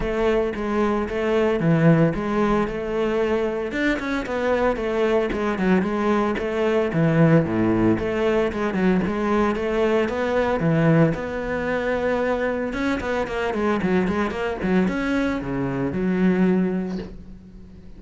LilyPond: \new Staff \with { instrumentName = "cello" } { \time 4/4 \tempo 4 = 113 a4 gis4 a4 e4 | gis4 a2 d'8 cis'8 | b4 a4 gis8 fis8 gis4 | a4 e4 a,4 a4 |
gis8 fis8 gis4 a4 b4 | e4 b2. | cis'8 b8 ais8 gis8 fis8 gis8 ais8 fis8 | cis'4 cis4 fis2 | }